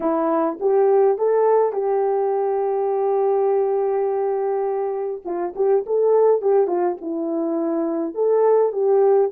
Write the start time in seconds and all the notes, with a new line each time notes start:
0.00 E4
0.60 G4
1.18 A4
1.72 G4
5.24 F4
5.55 G4
5.86 A4
6.41 G4
6.67 F4
7.01 E4
8.14 A4
8.72 G4